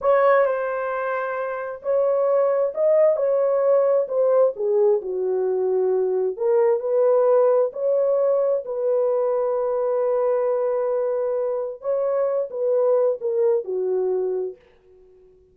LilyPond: \new Staff \with { instrumentName = "horn" } { \time 4/4 \tempo 4 = 132 cis''4 c''2. | cis''2 dis''4 cis''4~ | cis''4 c''4 gis'4 fis'4~ | fis'2 ais'4 b'4~ |
b'4 cis''2 b'4~ | b'1~ | b'2 cis''4. b'8~ | b'4 ais'4 fis'2 | }